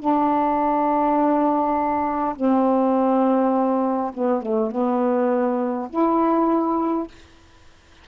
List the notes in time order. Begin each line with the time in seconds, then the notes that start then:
0.00 D4
2.36 C4
4.14 B3
4.42 A3
4.71 B3
5.90 E4